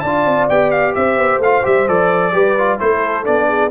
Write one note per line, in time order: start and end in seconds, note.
0.00 0.25 D4
0.00 0.95 D5
0.00 0.46 A5
0.06 0.50 F4
0.25 0.48 C4
0.49 0.95 B3
0.49 1.42 G4
0.49 0.71 G5
0.71 0.94 F5
0.95 1.17 C4
0.95 2.33 C5
0.95 1.41 E5
1.17 1.38 B3
1.38 1.62 A3
1.38 1.63 F4
1.38 1.65 F5
1.63 1.88 G3
1.63 1.86 G4
1.63 1.88 E5
1.87 2.33 F3
1.87 2.32 A4
1.87 2.79 D5
2.32 2.79 G3
2.32 2.55 G4
2.32 2.80 B4
2.58 2.79 F4
2.79 3.27 A3
2.79 3.24 E4
2.79 3.47 A4
2.79 3.25 C5
3.24 3.71 B3
3.24 3.70 D4
3.24 3.71 D5
3.47 3.71 G#4